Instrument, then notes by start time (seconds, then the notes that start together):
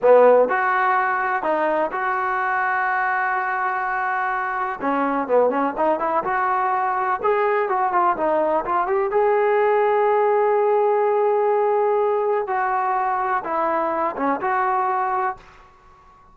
trombone
0.01 B3
0.48 F#4
1.42 D#4
1.91 F#4
4.81 C#4
5.27 B3
5.50 C#4
5.77 D#4
5.99 E4
6.24 F#4
7.22 G#4
7.68 F#4
7.92 F4
8.16 D#4
8.65 F4
8.87 G4
9.11 G#4
12.47 F#4
13.43 E4
14.16 C#4
14.40 F#4